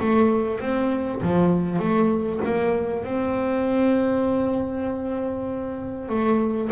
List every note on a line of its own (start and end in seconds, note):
0.00 0.61 A3
0.61 1.22 C4
1.23 1.79 F3
1.79 2.40 A3
2.45 3.05 A#3
3.05 6.09 C4
6.09 6.70 A3